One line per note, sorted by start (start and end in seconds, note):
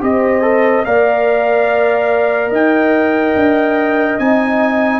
0.00 0.85 C4
0.00 0.41 G4
0.00 0.86 C5
0.00 0.85 D#5
0.41 0.83 A4
0.85 2.51 A#3
0.85 4.19 A#4
0.85 2.50 D5
0.85 2.51 F5
2.50 3.34 D#4
2.50 5.00 D#5
2.50 4.18 G5
3.35 4.18 D4
4.18 5.00 C4
4.18 5.00 D#4
4.18 5.00 G#5